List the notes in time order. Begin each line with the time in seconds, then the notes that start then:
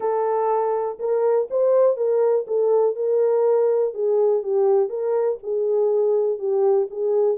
0.00 A4
0.99 A#4
1.50 C5
1.96 A#4
2.47 A4
2.95 A#4
3.93 G#4
4.42 G4
4.89 A#4
5.42 G#4
6.38 G4
6.90 G#4